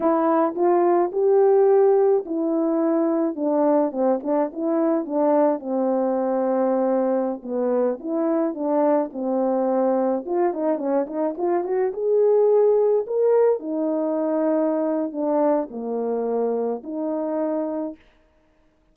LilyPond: \new Staff \with { instrumentName = "horn" } { \time 4/4 \tempo 4 = 107 e'4 f'4 g'2 | e'2 d'4 c'8 d'8 | e'4 d'4 c'2~ | c'4~ c'16 b4 e'4 d'8.~ |
d'16 c'2 f'8 dis'8 cis'8 dis'16~ | dis'16 f'8 fis'8 gis'2 ais'8.~ | ais'16 dis'2~ dis'8. d'4 | ais2 dis'2 | }